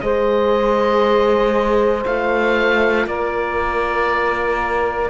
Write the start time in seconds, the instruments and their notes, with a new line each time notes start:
0.00 cello G#3, horn G#4, saxophone C5, oboe D#5
2.05 cello A3, horn F4, oboe F5
3.06 cello A#3, saxophone A#4, oboe D5